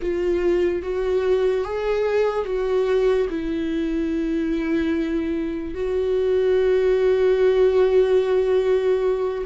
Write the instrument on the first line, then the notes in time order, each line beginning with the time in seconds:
viola
0.01 F4
0.82 F#4
1.64 G#4
2.45 F#4
3.29 E4
5.74 F#4